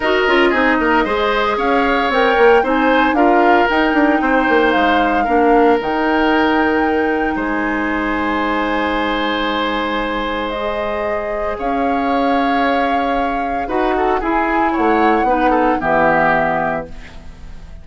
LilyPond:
<<
  \new Staff \with { instrumentName = "flute" } { \time 4/4 \tempo 4 = 114 dis''2. f''4 | g''4 gis''4 f''4 g''4~ | g''4 f''2 g''4~ | g''2 gis''2~ |
gis''1 | dis''2 f''2~ | f''2 fis''4 gis''4 | fis''2 e''2 | }
  \new Staff \with { instrumentName = "oboe" } { \time 4/4 ais'4 gis'8 ais'8 c''4 cis''4~ | cis''4 c''4 ais'2 | c''2 ais'2~ | ais'2 c''2~ |
c''1~ | c''2 cis''2~ | cis''2 b'8 a'8 gis'4 | cis''4 b'8 a'8 g'2 | }
  \new Staff \with { instrumentName = "clarinet" } { \time 4/4 fis'8 f'8 dis'4 gis'2 | ais'4 dis'4 f'4 dis'4~ | dis'2 d'4 dis'4~ | dis'1~ |
dis'1 | gis'1~ | gis'2 fis'4 e'4~ | e'4 dis'4 b2 | }
  \new Staff \with { instrumentName = "bassoon" } { \time 4/4 dis'8 cis'8 c'8 ais8 gis4 cis'4 | c'8 ais8 c'4 d'4 dis'8 d'8 | c'8 ais8 gis4 ais4 dis4~ | dis2 gis2~ |
gis1~ | gis2 cis'2~ | cis'2 dis'4 e'4 | a4 b4 e2 | }
>>